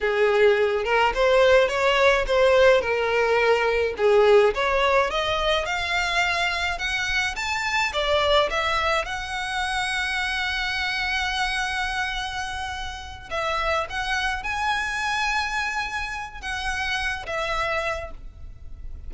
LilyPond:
\new Staff \with { instrumentName = "violin" } { \time 4/4 \tempo 4 = 106 gis'4. ais'8 c''4 cis''4 | c''4 ais'2 gis'4 | cis''4 dis''4 f''2 | fis''4 a''4 d''4 e''4 |
fis''1~ | fis''2.~ fis''8 e''8~ | e''8 fis''4 gis''2~ gis''8~ | gis''4 fis''4. e''4. | }